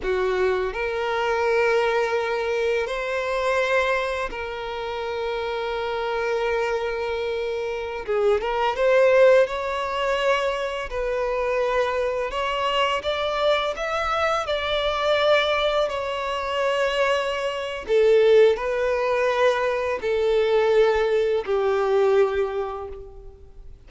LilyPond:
\new Staff \with { instrumentName = "violin" } { \time 4/4 \tempo 4 = 84 fis'4 ais'2. | c''2 ais'2~ | ais'2.~ ais'16 gis'8 ais'16~ | ais'16 c''4 cis''2 b'8.~ |
b'4~ b'16 cis''4 d''4 e''8.~ | e''16 d''2 cis''4.~ cis''16~ | cis''4 a'4 b'2 | a'2 g'2 | }